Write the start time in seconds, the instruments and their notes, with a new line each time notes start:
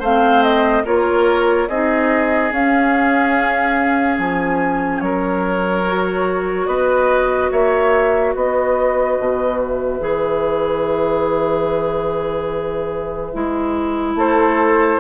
0.00 bassoon A3, clarinet C4, oboe C5, flute F5
0.43 flute D#5
0.85 bassoon A#3, clarinet F4, oboe A#4, flute C#5
1.69 bassoon C4, clarinet D#4, oboe G#4, flute D#5
2.52 bassoon C#4, clarinet C#4, flute F5
4.19 bassoon F3, flute G#5
5.01 bassoon F#3, oboe A#4, flute C#5
5.86 clarinet F#4
6.67 bassoon B3, oboe B4, flute D#5
7.52 bassoon A#3, oboe C#5, flute E5
8.35 bassoon B3, oboe B4, flute D#5
9.19 bassoon B2
9.60 flute E5
10.01 bassoon E3, clarinet G#4
13.34 bassoon G#3, clarinet E4
14.15 bassoon A3, oboe A4, flute C5